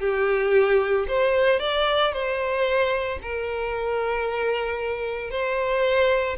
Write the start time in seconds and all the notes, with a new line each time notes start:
0.00 G4
1.08 C5
1.60 D5
2.13 C5
3.22 A#4
5.31 C5